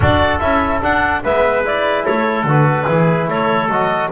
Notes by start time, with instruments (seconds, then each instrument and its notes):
0.00 double bass D4, trombone F#4, trumpet A4, clarinet D5
0.39 double bass C#4, trombone E4, clarinet E5
0.81 trombone D4, double bass D4, clarinet F#5
1.23 double bass G#3, trombone B3, trumpet B4, clarinet E5
1.64 trombone E4, clarinet D5
2.05 double bass A3, trumpet A4, clarinet C#5
2.43 double bass D3, trombone F#4, clarinet B4
2.86 double bass E3, trombone E4, trumpet G#4
3.27 double bass A3, trumpet A4, clarinet C#5
3.68 double bass F#3, trombone F#4, clarinet D#5